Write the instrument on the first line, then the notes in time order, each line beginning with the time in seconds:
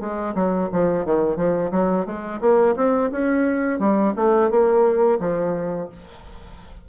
bassoon
0.00 G#3
0.35 F#3
0.72 F3
1.05 D#3
1.37 F3
1.71 F#3
2.06 G#3
2.41 A#3
2.76 C4
3.12 C#4
3.79 G3
4.16 A3
4.50 A#3
5.20 F3